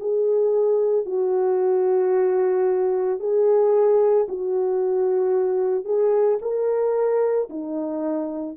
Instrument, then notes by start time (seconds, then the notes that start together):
horn
0.00 G#4
1.06 F#4
3.20 G#4
4.29 F#4
5.85 G#4
6.42 A#4
7.50 D#4